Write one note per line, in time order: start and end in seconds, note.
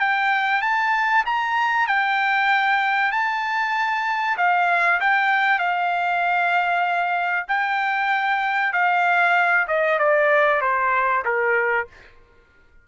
0.00 0.62 G5
0.62 1.25 A5
1.26 1.88 A#5
1.88 3.12 G5
3.12 4.37 A5
4.38 5.00 F5
5.01 5.59 G5
5.59 7.47 F5
7.49 8.74 G5
8.74 9.67 F5
9.68 9.99 D#5
9.99 10.62 D5
10.62 11.24 C5
11.25 11.88 A#4